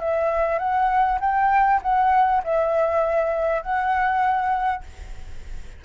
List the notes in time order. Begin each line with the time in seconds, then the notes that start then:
0.00 E5
0.58 F#5
1.20 G5
1.82 F#5
2.44 E5
3.62 F#5